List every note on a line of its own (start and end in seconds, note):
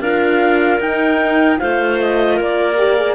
0.00 0.79 D4
0.00 0.80 F4
0.00 1.58 A#4
0.00 0.79 F5
0.80 1.59 D#4
0.80 1.57 D#4
0.80 1.59 G5
1.57 2.40 A3
1.57 2.75 F4
1.57 2.35 C5
1.57 1.98 F5
2.00 2.40 D#5
2.35 3.15 A#3
2.35 3.14 A#4
2.41 3.15 D5
2.77 2.97 G4
2.97 3.15 G#4